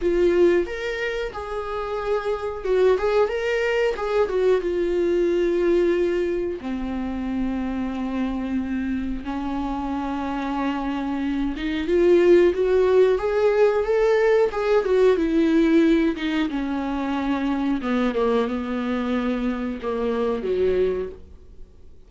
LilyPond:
\new Staff \with { instrumentName = "viola" } { \time 4/4 \tempo 4 = 91 f'4 ais'4 gis'2 | fis'8 gis'8 ais'4 gis'8 fis'8 f'4~ | f'2 c'2~ | c'2 cis'2~ |
cis'4. dis'8 f'4 fis'4 | gis'4 a'4 gis'8 fis'8 e'4~ | e'8 dis'8 cis'2 b8 ais8 | b2 ais4 fis4 | }